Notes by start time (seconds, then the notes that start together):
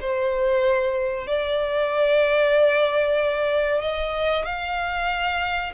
0.00 C5
1.26 D5
3.81 D#5
4.45 F5